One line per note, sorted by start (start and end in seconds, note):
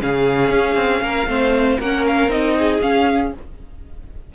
0.00 0.50 C#3
0.00 1.27 C#4
0.00 1.03 G#4
0.00 1.80 F5
0.50 0.75 C#4
0.75 1.01 C4
1.01 1.26 A#3
1.01 1.28 A#4
1.27 1.78 A3
1.27 1.78 C4
1.27 1.79 C5
1.79 2.28 A#3
1.79 2.30 C#4
1.79 2.56 A#4
1.79 2.06 F#5
2.07 2.31 F5
2.28 2.79 C4
2.28 2.81 D#4
2.28 2.81 D#5
2.58 3.35 G#4
2.81 3.32 C#4
2.81 3.33 C#4
2.81 3.32 F5